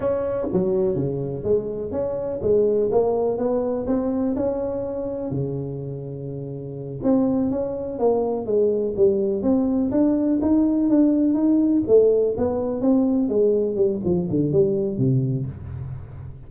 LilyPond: \new Staff \with { instrumentName = "tuba" } { \time 4/4 \tempo 4 = 124 cis'4 fis4 cis4 gis4 | cis'4 gis4 ais4 b4 | c'4 cis'2 cis4~ | cis2~ cis8 c'4 cis'8~ |
cis'8 ais4 gis4 g4 c'8~ | c'8 d'4 dis'4 d'4 dis'8~ | dis'8 a4 b4 c'4 gis8~ | gis8 g8 f8 d8 g4 c4 | }